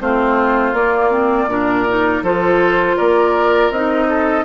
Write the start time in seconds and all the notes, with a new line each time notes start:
0.00 A3 C4 F4 C5
0.73 A#3 D5
1.10 C4
1.47 A#2 D4 A#4
1.88 D#4
2.22 F3 F4 A4 C5
2.96 A#3 A#4 D5
3.70 C4 D#4 D#5
4.08 A4